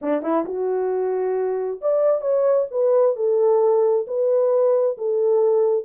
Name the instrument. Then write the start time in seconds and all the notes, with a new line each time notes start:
horn
0.01 D4
0.22 E4
0.45 F#4
1.81 D5
2.21 C#5
2.70 B4
3.16 A4
4.07 B4
4.97 A4